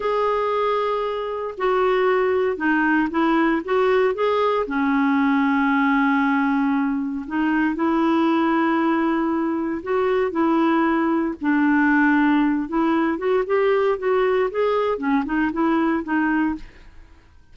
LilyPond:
\new Staff \with { instrumentName = "clarinet" } { \time 4/4 \tempo 4 = 116 gis'2. fis'4~ | fis'4 dis'4 e'4 fis'4 | gis'4 cis'2.~ | cis'2 dis'4 e'4~ |
e'2. fis'4 | e'2 d'2~ | d'8 e'4 fis'8 g'4 fis'4 | gis'4 cis'8 dis'8 e'4 dis'4 | }